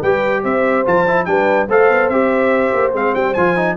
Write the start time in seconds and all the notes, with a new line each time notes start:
0.00 G3 G4 B4 G5
0.43 C4 C5 E5
0.85 F3 F4 A5
1.07 E4
1.25 G3 D4 B4 G5
1.67 A3 A4 C5 F5
1.89 B3
2.08 C4 G4 E5
2.73 A#3
2.92 G#3 C4 F5
3.14 G3 G5
3.34 F3 F4 G#5
3.56 D#4